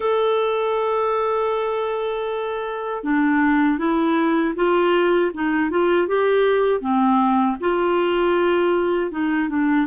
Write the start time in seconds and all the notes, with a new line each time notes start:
0.00 A4
3.03 D4
3.78 E4
4.55 F4
5.34 D#4
5.70 F4
6.07 G4
6.80 C4
7.60 F4
9.11 D#4
9.49 D4